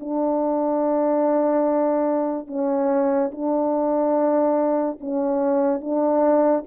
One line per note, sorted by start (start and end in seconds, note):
0.00 2.47 D4
2.47 3.31 C#4
3.32 4.98 D4
5.00 5.81 C#4
5.81 6.64 D4